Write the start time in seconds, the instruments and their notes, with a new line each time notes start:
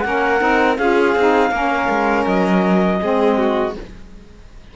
0.00 cello A#3, saxophone C#4, violin A#4, clarinet F#5
0.39 cello C4, saxophone D#4
0.77 cello C#4, saxophone F4, violin G#4, clarinet F5
1.15 cello C4, saxophone D#4
1.50 cello A#3, saxophone C#4, violin A#4
1.88 cello G#3
2.26 cello F#3, clarinet D#5
3.00 cello G#3, saxophone C4, violin G#4
3.37 violin F#4